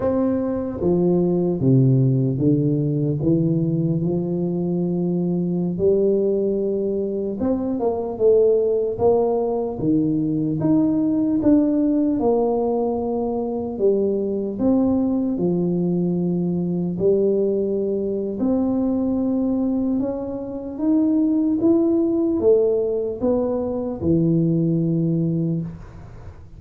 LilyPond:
\new Staff \with { instrumentName = "tuba" } { \time 4/4 \tempo 4 = 75 c'4 f4 c4 d4 | e4 f2~ f16 g8.~ | g4~ g16 c'8 ais8 a4 ais8.~ | ais16 dis4 dis'4 d'4 ais8.~ |
ais4~ ais16 g4 c'4 f8.~ | f4~ f16 g4.~ g16 c'4~ | c'4 cis'4 dis'4 e'4 | a4 b4 e2 | }